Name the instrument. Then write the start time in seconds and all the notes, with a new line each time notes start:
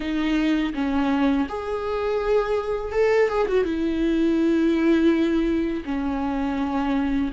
viola
0.00 D#4
0.74 C#4
1.48 G#4
2.92 A4
3.28 G#4
3.47 F#4
3.64 E4
5.84 C#4